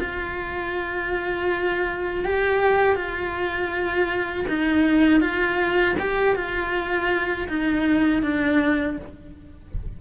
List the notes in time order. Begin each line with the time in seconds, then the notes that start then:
0.00 F4
2.25 G4
2.95 F4
4.48 D#4
5.20 F4
5.99 G4
6.35 F4
7.48 D#4
8.22 D4